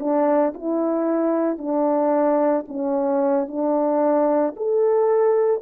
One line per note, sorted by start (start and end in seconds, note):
0.00 0.54 D4
0.54 1.58 E4
1.58 2.65 D4
2.68 3.48 C#4
3.48 4.55 D4
4.57 5.62 A4